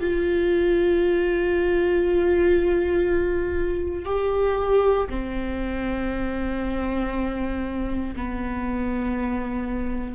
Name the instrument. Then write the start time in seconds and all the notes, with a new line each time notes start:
viola
0.00 F4
4.05 G4
5.09 C4
8.15 B3